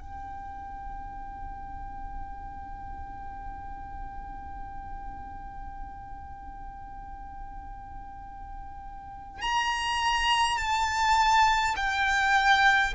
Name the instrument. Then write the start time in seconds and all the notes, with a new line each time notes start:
violin
0.00 G5
9.41 A#5
10.57 A5
11.76 G5